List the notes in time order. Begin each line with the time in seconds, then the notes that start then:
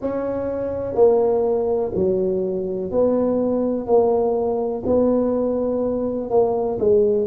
0.01 C#4
0.94 A#3
1.94 F#3
2.91 B3
3.86 A#3
4.86 B3
6.29 A#3
6.79 G#3